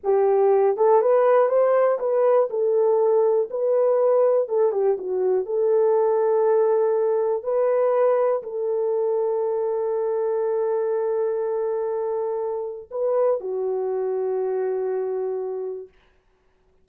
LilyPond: \new Staff \with { instrumentName = "horn" } { \time 4/4 \tempo 4 = 121 g'4. a'8 b'4 c''4 | b'4 a'2 b'4~ | b'4 a'8 g'8 fis'4 a'4~ | a'2. b'4~ |
b'4 a'2.~ | a'1~ | a'2 b'4 fis'4~ | fis'1 | }